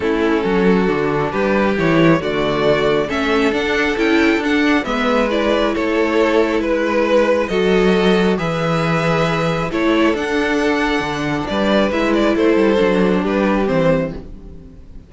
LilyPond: <<
  \new Staff \with { instrumentName = "violin" } { \time 4/4 \tempo 4 = 136 a'2. b'4 | cis''4 d''2 e''4 | fis''4 g''4 fis''4 e''4 | d''4 cis''2 b'4~ |
b'4 dis''2 e''4~ | e''2 cis''4 fis''4~ | fis''2 d''4 e''8 d''8 | c''2 b'4 c''4 | }
  \new Staff \with { instrumentName = "violin" } { \time 4/4 e'4 fis'2 g'4~ | g'4 fis'2 a'4~ | a'2. b'4~ | b'4 a'2 b'4~ |
b'4 a'2 b'4~ | b'2 a'2~ | a'2 b'2 | a'2 g'2 | }
  \new Staff \with { instrumentName = "viola" } { \time 4/4 cis'2 d'2 | e'4 a2 cis'4 | d'4 e'4 d'4 b4 | e'1~ |
e'4 fis'2 gis'4~ | gis'2 e'4 d'4~ | d'2. e'4~ | e'4 d'2 c'4 | }
  \new Staff \with { instrumentName = "cello" } { \time 4/4 a4 fis4 d4 g4 | e4 d2 a4 | d'4 cis'4 d'4 gis4~ | gis4 a2 gis4~ |
gis4 fis2 e4~ | e2 a4 d'4~ | d'4 d4 g4 gis4 | a8 g8 fis4 g4 e4 | }
>>